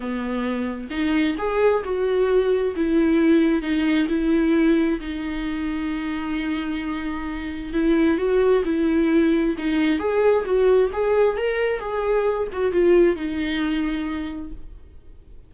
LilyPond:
\new Staff \with { instrumentName = "viola" } { \time 4/4 \tempo 4 = 132 b2 dis'4 gis'4 | fis'2 e'2 | dis'4 e'2 dis'4~ | dis'1~ |
dis'4 e'4 fis'4 e'4~ | e'4 dis'4 gis'4 fis'4 | gis'4 ais'4 gis'4. fis'8 | f'4 dis'2. | }